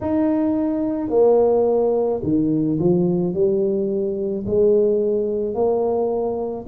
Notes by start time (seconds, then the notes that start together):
0.00 D#4
1.09 A#3
2.23 D#3
2.79 F3
3.33 G3
4.46 G#3
5.54 A#3